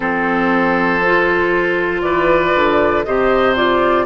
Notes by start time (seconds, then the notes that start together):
0.00 F3 C4 A4 C5
1.06 F4
2.01 E3 B4 D5
2.54 D3
3.04 C3 G4 C5 D#5
3.56 F4 D5